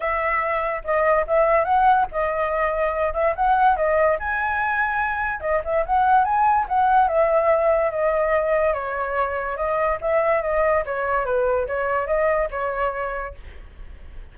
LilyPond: \new Staff \with { instrumentName = "flute" } { \time 4/4 \tempo 4 = 144 e''2 dis''4 e''4 | fis''4 dis''2~ dis''8 e''8 | fis''4 dis''4 gis''2~ | gis''4 dis''8 e''8 fis''4 gis''4 |
fis''4 e''2 dis''4~ | dis''4 cis''2 dis''4 | e''4 dis''4 cis''4 b'4 | cis''4 dis''4 cis''2 | }